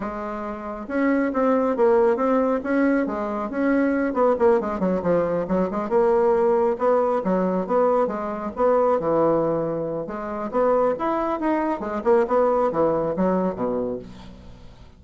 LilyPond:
\new Staff \with { instrumentName = "bassoon" } { \time 4/4 \tempo 4 = 137 gis2 cis'4 c'4 | ais4 c'4 cis'4 gis4 | cis'4. b8 ais8 gis8 fis8 f8~ | f8 fis8 gis8 ais2 b8~ |
b8 fis4 b4 gis4 b8~ | b8 e2~ e8 gis4 | b4 e'4 dis'4 gis8 ais8 | b4 e4 fis4 b,4 | }